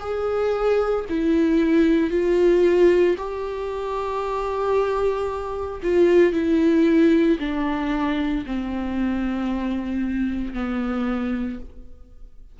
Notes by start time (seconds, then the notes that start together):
0.00 G#4
1.09 E4
2.11 F4
3.18 G4
5.83 F4
6.33 E4
7.39 D4
8.46 C4
10.54 B3